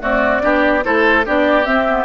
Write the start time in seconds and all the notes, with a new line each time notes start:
0.00 A3 C4 F#4 D5
0.41 B3 D4 G4
0.83 A3 E4 A4 C5
1.26 B3 D4 G4 D5
1.64 C4 E5
1.88 B3